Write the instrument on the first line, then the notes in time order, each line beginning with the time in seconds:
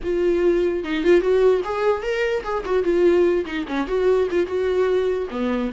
viola
0.03 F4
0.84 D#4
1.04 F4
1.21 F#4
1.64 G#4
2.02 A#4
2.43 G#4
2.65 F#4
2.83 F4
3.45 D#4
3.67 C#4
3.87 F#4
4.30 F4
4.46 F#4
5.30 B3